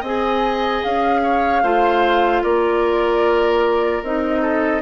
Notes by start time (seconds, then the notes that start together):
0.00 C4 G#4 D#5 G#5
0.83 C#4 F5
1.23 C#5
1.62 A3 F4 C5
2.43 A#3 A#4 D5
4.02 C4 D#4 D#5
4.41 A4